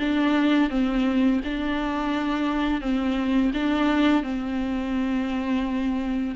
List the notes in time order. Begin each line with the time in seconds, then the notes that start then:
0.00 D4
0.71 C4
1.45 D4
2.81 C4
3.55 D4
4.24 C4